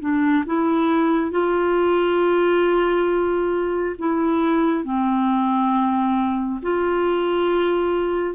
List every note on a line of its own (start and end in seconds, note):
0.00 0.44 D4
0.46 1.31 E4
1.31 3.96 F4
3.99 4.84 E4
4.84 6.61 C4
6.62 8.35 F4